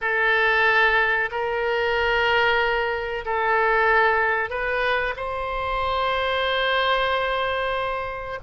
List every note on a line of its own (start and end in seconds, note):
0.01 1.30 A4
1.31 3.24 A#4
3.25 4.50 A4
4.50 5.14 B4
5.16 8.39 C5